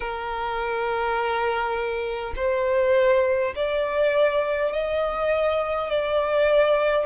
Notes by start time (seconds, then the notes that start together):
0.00 A#4
2.36 C5
3.56 D5
4.72 D#5
5.90 D5